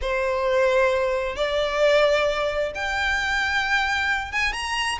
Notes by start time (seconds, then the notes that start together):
0.01 C5
1.36 D5
2.74 G5
4.31 G#5
4.52 A#5